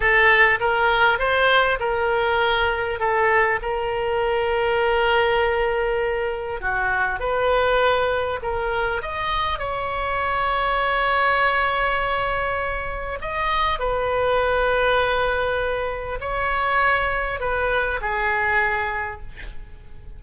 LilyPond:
\new Staff \with { instrumentName = "oboe" } { \time 4/4 \tempo 4 = 100 a'4 ais'4 c''4 ais'4~ | ais'4 a'4 ais'2~ | ais'2. fis'4 | b'2 ais'4 dis''4 |
cis''1~ | cis''2 dis''4 b'4~ | b'2. cis''4~ | cis''4 b'4 gis'2 | }